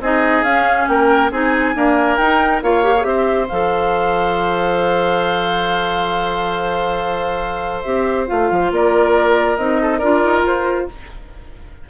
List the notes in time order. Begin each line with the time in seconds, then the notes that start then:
0.00 C4 D#4 G#4 D#5
0.43 C#4 F5
0.87 A#3 A#4 G5
1.31 C4 D#4 G#4 G#5
1.75 A#3 D4 A#4
2.16 D#4 G5
2.62 A#3 F4 C#5 F5
2.83 G4
2.96 G#4
3.03 C4 G4 C5 E5
3.48 F3 A4 F5
7.82 C4 G4 E5
8.27 A3 F4 F5
8.51 F3
8.71 A#3 A#4 D5
9.56 C4 D#4 D#5
9.82 A4
9.98 D4 F4 A#4 D5
10.24 D#4
10.43 F4 C5